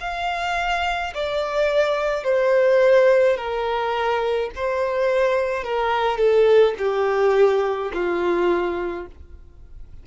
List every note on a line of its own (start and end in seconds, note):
0.00 1.13 F5
1.14 2.24 D5
2.24 3.37 C5
3.37 4.50 A#4
4.55 5.64 C5
5.64 6.18 A#4
6.18 6.75 A4
6.78 7.91 G4
7.93 9.07 F4